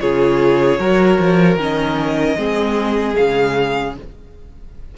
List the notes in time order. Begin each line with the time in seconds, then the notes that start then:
0.00 C#3 F4 G#4 C#5
0.79 F#3 F#4 A#4
1.19 F3
1.56 D#3 C#4 D#5
2.37 G#3 C4 G#4
3.15 C#3 G#3 F5